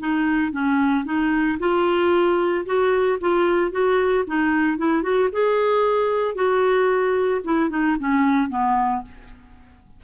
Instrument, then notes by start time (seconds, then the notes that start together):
clarinet
0.00 D#4
0.52 C#4
1.05 D#4
1.59 F4
2.66 F#4
3.21 F4
3.72 F#4
4.27 D#4
4.78 E4
5.02 F#4
5.32 G#4
6.35 F#4
7.44 E4
7.70 D#4
8.00 C#4
8.50 B3